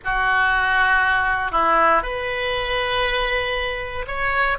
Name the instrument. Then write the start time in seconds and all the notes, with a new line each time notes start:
oboe
0.04 F#4
1.51 E4
2.02 B4
4.07 C#5